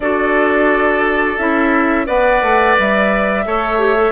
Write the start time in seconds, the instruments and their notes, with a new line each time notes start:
0.00 bassoon D4, clarinet F#4, oboe A4, flute D5
1.37 bassoon C#4, clarinet E4, flute E5
2.06 bassoon B3, clarinet B4, oboe D5, flute F#5
2.42 bassoon A3
2.78 bassoon G3, flute E5
3.45 bassoon A3, clarinet A4, oboe C#5
3.78 clarinet G4
3.96 clarinet A4